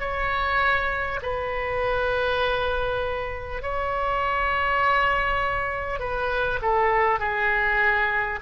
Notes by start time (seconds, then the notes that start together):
0.00 C#5
1.22 B4
3.63 C#5
5.99 B4
6.62 A4
7.19 G#4